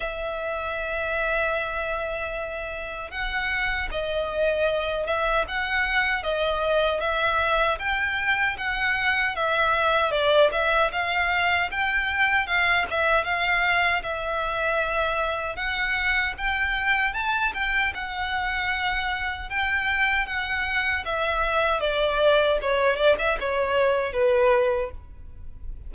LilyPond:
\new Staff \with { instrumentName = "violin" } { \time 4/4 \tempo 4 = 77 e''1 | fis''4 dis''4. e''8 fis''4 | dis''4 e''4 g''4 fis''4 | e''4 d''8 e''8 f''4 g''4 |
f''8 e''8 f''4 e''2 | fis''4 g''4 a''8 g''8 fis''4~ | fis''4 g''4 fis''4 e''4 | d''4 cis''8 d''16 e''16 cis''4 b'4 | }